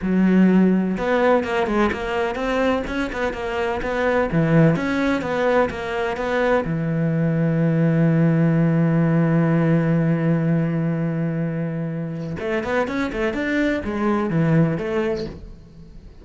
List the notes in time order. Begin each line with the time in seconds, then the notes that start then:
0.02 F#3
0.97 B3
1.44 A#3
1.66 G#3
1.92 A#3
2.35 C4
2.87 C#4
3.12 B3
3.33 A#3
3.81 B3
4.32 E3
4.76 C#4
5.21 B3
5.69 A#3
6.16 B3
6.65 E3
12.39 A3
12.63 B3
12.87 C#4
13.12 A3
13.33 D4
13.84 G#3
14.30 E3
14.77 A3